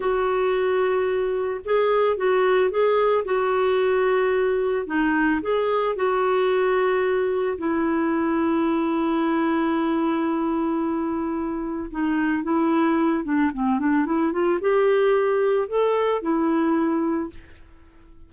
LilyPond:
\new Staff \with { instrumentName = "clarinet" } { \time 4/4 \tempo 4 = 111 fis'2. gis'4 | fis'4 gis'4 fis'2~ | fis'4 dis'4 gis'4 fis'4~ | fis'2 e'2~ |
e'1~ | e'2 dis'4 e'4~ | e'8 d'8 c'8 d'8 e'8 f'8 g'4~ | g'4 a'4 e'2 | }